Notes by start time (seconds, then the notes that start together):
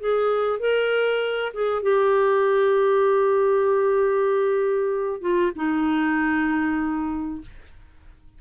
0.00 G#4
0.59 A#4
1.54 G#4
1.82 G4
5.21 F4
5.56 D#4